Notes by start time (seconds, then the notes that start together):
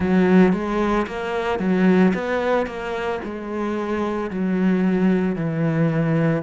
0.00 F#3
0.53 G#3
1.06 A#3
1.59 F#3
2.14 B3
2.66 A#3
3.24 G#3
4.30 F#3
5.35 E3